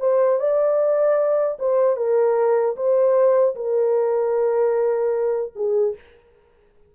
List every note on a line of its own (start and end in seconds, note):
0.00 0.39 C5
0.39 1.58 D5
1.59 1.97 C5
1.97 2.76 A#4
2.76 3.55 C5
3.56 5.53 A#4
5.56 5.95 G#4